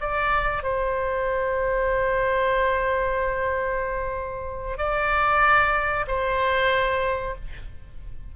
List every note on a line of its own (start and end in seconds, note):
0.00 0.63 D5
0.63 4.78 C5
4.78 6.06 D5
6.07 7.35 C5